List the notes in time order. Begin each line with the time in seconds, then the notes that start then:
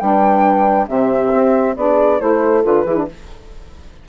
0.00 G3 D4 B4 G5
0.87 C3 C4 G4 E5
1.34 C4
1.77 B3 D4 G#4 D5
2.20 A3 E4 A4 C5
2.63 D3 F4 B4
2.85 E3 E4 G#4
2.97 D4